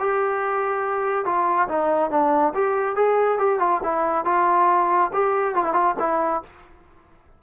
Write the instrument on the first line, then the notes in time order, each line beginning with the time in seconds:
trombone
0.00 G4
1.26 F4
1.69 D#4
2.11 D4
2.55 G4
2.96 G#4
3.39 G4
3.60 F4
3.84 E4
4.25 F4
5.14 G4
5.55 F4
5.65 E4
5.74 F4
6.00 E4